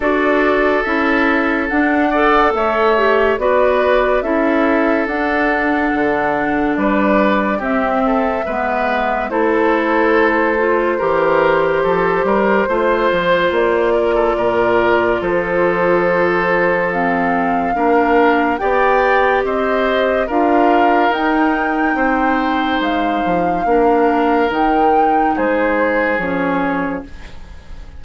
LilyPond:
<<
  \new Staff \with { instrumentName = "flute" } { \time 4/4 \tempo 4 = 71 d''4 e''4 fis''4 e''4 | d''4 e''4 fis''2 | d''4 e''2 c''4~ | c''1 |
d''2 c''2 | f''2 g''4 dis''4 | f''4 g''2 f''4~ | f''4 g''4 c''4 cis''4 | }
  \new Staff \with { instrumentName = "oboe" } { \time 4/4 a'2~ a'8 d''8 cis''4 | b'4 a'2. | b'4 g'8 a'8 b'4 a'4~ | a'4 ais'4 a'8 ais'8 c''4~ |
c''8 ais'16 a'16 ais'4 a'2~ | a'4 ais'4 d''4 c''4 | ais'2 c''2 | ais'2 gis'2 | }
  \new Staff \with { instrumentName = "clarinet" } { \time 4/4 fis'4 e'4 d'8 a'4 g'8 | fis'4 e'4 d'2~ | d'4 c'4 b4 e'4~ | e'8 f'8 g'2 f'4~ |
f'1 | c'4 d'4 g'2 | f'4 dis'2. | d'4 dis'2 cis'4 | }
  \new Staff \with { instrumentName = "bassoon" } { \time 4/4 d'4 cis'4 d'4 a4 | b4 cis'4 d'4 d4 | g4 c'4 gis4 a4~ | a4 e4 f8 g8 a8 f8 |
ais4 ais,4 f2~ | f4 ais4 b4 c'4 | d'4 dis'4 c'4 gis8 f8 | ais4 dis4 gis4 f4 | }
>>